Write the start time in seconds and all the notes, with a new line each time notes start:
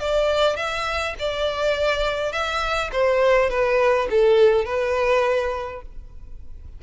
0.00 D5
0.56 E5
1.19 D5
2.32 E5
2.92 C5
3.50 B4
4.10 A4
4.65 B4